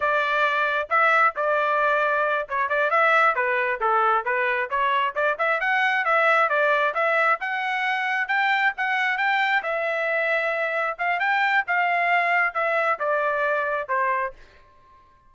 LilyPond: \new Staff \with { instrumentName = "trumpet" } { \time 4/4 \tempo 4 = 134 d''2 e''4 d''4~ | d''4. cis''8 d''8 e''4 b'8~ | b'8 a'4 b'4 cis''4 d''8 | e''8 fis''4 e''4 d''4 e''8~ |
e''8 fis''2 g''4 fis''8~ | fis''8 g''4 e''2~ e''8~ | e''8 f''8 g''4 f''2 | e''4 d''2 c''4 | }